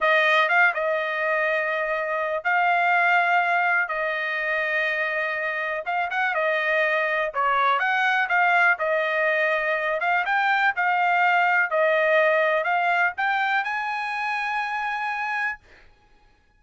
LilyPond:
\new Staff \with { instrumentName = "trumpet" } { \time 4/4 \tempo 4 = 123 dis''4 f''8 dis''2~ dis''8~ | dis''4 f''2. | dis''1 | f''8 fis''8 dis''2 cis''4 |
fis''4 f''4 dis''2~ | dis''8 f''8 g''4 f''2 | dis''2 f''4 g''4 | gis''1 | }